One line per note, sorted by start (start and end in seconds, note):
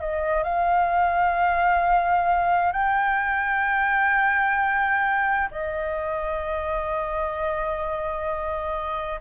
0.00 0.43 D#5
0.43 2.72 F5
2.72 5.49 G5
5.50 9.20 D#5